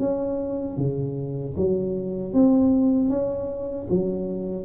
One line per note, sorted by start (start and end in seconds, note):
0.00 0.78 C#4
0.78 1.55 C#3
1.57 2.34 F#3
2.34 3.10 C4
3.10 3.88 C#4
3.90 4.66 F#3